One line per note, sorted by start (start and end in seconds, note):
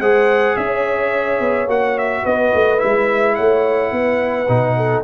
0.00 0.56 G#3
0.00 1.68 G#4
0.00 0.57 C5
0.00 0.57 F#5
0.57 1.40 C#4
0.57 2.23 C#5
0.57 1.69 E5
1.40 1.67 B3
1.67 2.23 A#3
1.67 2.79 F#4
1.67 1.98 F#5
1.98 2.26 E5
2.23 2.54 B3
2.23 3.35 B4
2.23 2.80 D#5
2.55 2.83 A3
2.79 3.39 G#3
2.79 4.47 E4
2.79 3.35 E5
3.35 3.92 A3
3.35 3.92 C#5
3.35 5.04 F#5
3.92 4.48 B3
3.92 4.77 B4
4.49 5.04 B2
4.49 5.04 D#4
4.77 5.04 A4